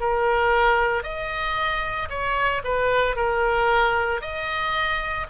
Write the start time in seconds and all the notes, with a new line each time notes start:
0.00 A#4
1.03 D#5
2.10 C#5
2.64 B4
3.16 A#4
4.22 D#5